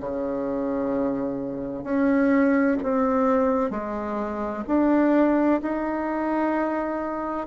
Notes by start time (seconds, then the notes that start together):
0.00 C#3
1.84 C#4
2.83 C4
3.70 G#3
4.67 D4
5.62 D#4